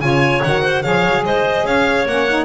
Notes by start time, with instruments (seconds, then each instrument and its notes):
0.00 double bass C#3, saxophone F4, clarinet C#5, violin G#5
0.43 double bass D#3, saxophone F#4, violin F#5
0.62 clarinet C5
0.82 double bass F3, saxophone G#4, clarinet C#5, violin F5
1.05 double bass F#3
1.24 double bass G#3, clarinet C5, violin D#5
1.63 double bass C#4, clarinet C#5, violin F5
2.05 double bass A#3, saxophone C#4, violin F#5
2.28 saxophone D#4